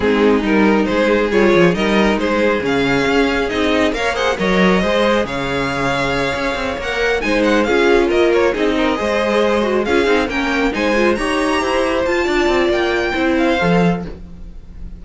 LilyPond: <<
  \new Staff \with { instrumentName = "violin" } { \time 4/4 \tempo 4 = 137 gis'4 ais'4 c''4 cis''4 | dis''4 c''4 f''2 | dis''4 f''8 fis''8 dis''2 | f''2.~ f''8 fis''8~ |
fis''8 gis''8 fis''8 f''4 dis''8 cis''8 dis''8~ | dis''2~ dis''8 f''4 g''8~ | g''8 gis''4 ais''2 a''8~ | a''4 g''4. f''4. | }
  \new Staff \with { instrumentName = "violin" } { \time 4/4 dis'2 gis'2 | ais'4 gis'2.~ | gis'4 cis''8 c''8 cis''4 c''4 | cis''1~ |
cis''8 c''4 gis'4 ais'4 gis'8 | ais'8 c''2 gis'4 ais'8~ | ais'8 c''4 cis''4 c''4. | d''2 c''2 | }
  \new Staff \with { instrumentName = "viola" } { \time 4/4 c'4 dis'2 f'4 | dis'2 cis'2 | dis'4 ais'8 gis'8 ais'4 gis'4~ | gis'2.~ gis'8 ais'8~ |
ais'8 dis'4 f'2 dis'8~ | dis'8 gis'4. fis'8 f'8 dis'8 cis'8~ | cis'8 dis'8 f'8 g'2 f'8~ | f'2 e'4 a'4 | }
  \new Staff \with { instrumentName = "cello" } { \time 4/4 gis4 g4 gis4 g8 f8 | g4 gis4 cis4 cis'4 | c'4 ais4 fis4 gis4 | cis2~ cis8 cis'8 c'8 ais8~ |
ais8 gis4 cis'4 ais4 c'8~ | c'8 gis2 cis'8 c'8 ais8~ | ais8 gis4 dis'4 e'4 f'8 | d'8 c'8 ais4 c'4 f4 | }
>>